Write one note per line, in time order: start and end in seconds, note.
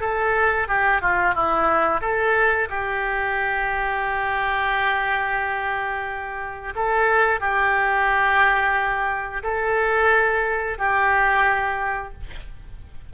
0.00 0.67 A4
0.67 1.01 G4
1.01 1.34 F4
1.34 2.01 E4
2.01 2.68 A4
2.69 6.73 G4
6.75 7.40 A4
7.40 9.42 G4
9.43 10.77 A4
10.78 12.13 G4